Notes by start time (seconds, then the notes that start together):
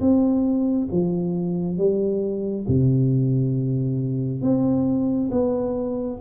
0.00 C4
0.91 F3
1.77 G3
2.68 C3
4.42 C4
5.31 B3